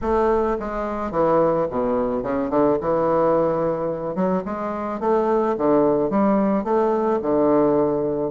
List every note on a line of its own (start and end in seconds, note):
0.01 0.57 A3
0.59 1.11 G#3
1.11 1.66 E3
1.70 2.22 B2
2.22 2.49 C#3
2.49 2.77 D3
2.80 4.15 E3
4.15 4.43 F#3
4.45 5.00 G#3
5.00 5.55 A3
5.57 6.10 D3
6.10 6.64 G3
6.64 7.19 A3
7.21 8.31 D3